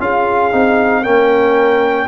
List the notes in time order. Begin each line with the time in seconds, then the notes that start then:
0.00 C#4 F4 G#4 F5
0.52 C4 D#4
1.02 A#3 C#4 A#4 G5